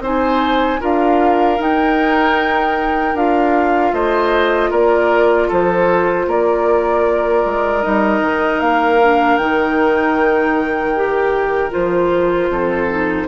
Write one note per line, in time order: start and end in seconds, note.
0.00 0.78 C4
0.00 0.80 D#4
0.00 0.80 C5
0.00 0.83 G#5
0.80 1.59 D4
0.80 1.58 F4
0.80 3.92 A#4
0.80 1.62 F5
1.58 3.14 D#4
1.58 3.17 G5
3.14 3.92 D4
3.14 7.82 F4
3.14 3.94 F5
3.93 4.71 A3
3.93 4.70 C5
3.93 4.71 D#5
4.70 5.49 A#3
4.70 5.48 A#4
4.70 5.50 D5
5.48 6.27 F3
5.48 6.26 A4
5.48 6.30 C5
6.27 7.44 A#3
6.27 12.51 A#4
6.27 7.82 D5
7.45 7.84 G#3
7.82 8.21 G3
7.82 8.99 D#4
7.82 8.60 D#5
8.21 8.60 D#3
8.60 9.38 A#3
8.60 9.37 F5
9.02 9.41 D4
9.37 11.72 D#3
9.37 10.95 D#4
9.37 11.71 G5
10.95 11.71 G4
11.71 12.49 F3
11.71 12.87 F4
11.71 13.28 C5
12.49 13.27 F2
12.49 13.28 A4
12.89 13.28 D#4